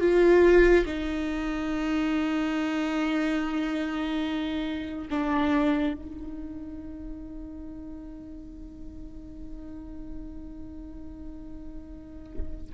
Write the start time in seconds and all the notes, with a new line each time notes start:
0.00 F4
0.85 D#4
5.10 D4
5.94 D#4